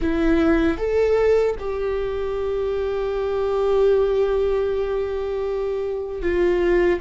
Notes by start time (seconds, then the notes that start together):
0.01 E4
0.77 A4
1.59 G4
6.21 F4